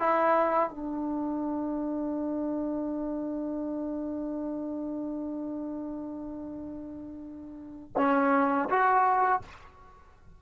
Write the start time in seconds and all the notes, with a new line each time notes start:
0.00 E4
0.70 D4
7.96 C#4
8.69 F#4